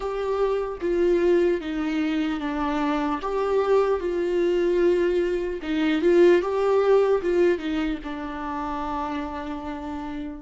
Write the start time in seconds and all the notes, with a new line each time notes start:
0.00 G4
0.81 F4
1.60 D#4
2.40 D4
3.21 G4
4.00 F4
5.62 D#4
6.01 F4
6.41 G4
7.21 F4
7.58 D#4
8.03 D4